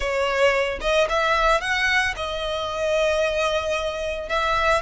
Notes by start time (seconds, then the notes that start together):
0.00 C#5
0.80 D#5
1.09 E5
1.60 F#5
2.16 D#5
4.28 E5